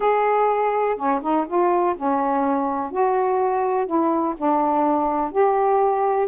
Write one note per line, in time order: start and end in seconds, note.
0.00 0.96 G#4
0.96 1.20 C#4
1.22 1.46 D#4
1.47 1.95 F4
1.96 2.91 C#4
2.91 3.86 F#4
3.86 4.35 E4
4.37 5.31 D4
5.31 6.27 G4